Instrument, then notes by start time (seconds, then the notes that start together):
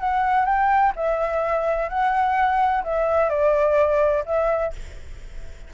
flute
0.00 F#5
0.46 G5
0.96 E5
1.89 F#5
2.84 E5
3.29 D5
4.26 E5